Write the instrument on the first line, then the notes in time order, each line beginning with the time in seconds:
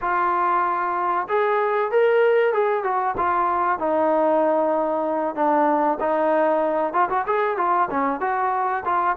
trombone
0.01 F4
1.28 G#4
1.91 A#4
2.53 G#4
2.83 F#4
3.17 F4
3.79 D#4
5.35 D4
5.99 D#4
6.93 F4
7.09 F#4
7.26 G#4
7.57 F4
7.90 C#4
8.20 F#4
8.84 F4